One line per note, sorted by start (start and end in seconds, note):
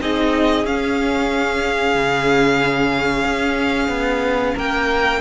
0.00 0.64 C4
0.00 0.65 D#4
0.00 4.54 G#4
0.00 0.66 D#5
0.64 1.95 C#4
0.64 5.21 C#4
0.64 4.57 F5
1.95 3.24 C#3
3.24 3.88 C#4
3.88 4.54 B3
4.54 5.21 A#3
4.54 5.20 A#4
4.54 5.21 G5